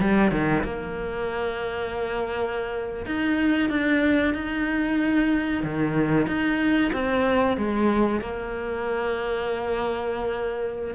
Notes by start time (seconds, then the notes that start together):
0.00 G3
0.31 D#3
0.64 A#3
3.06 D#4
3.70 D4
4.34 D#4
5.63 D#3
6.27 D#4
6.93 C4
7.57 G#3
8.21 A#3